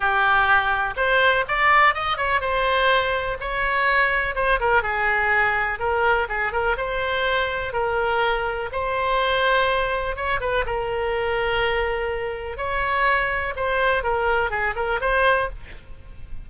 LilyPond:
\new Staff \with { instrumentName = "oboe" } { \time 4/4 \tempo 4 = 124 g'2 c''4 d''4 | dis''8 cis''8 c''2 cis''4~ | cis''4 c''8 ais'8 gis'2 | ais'4 gis'8 ais'8 c''2 |
ais'2 c''2~ | c''4 cis''8 b'8 ais'2~ | ais'2 cis''2 | c''4 ais'4 gis'8 ais'8 c''4 | }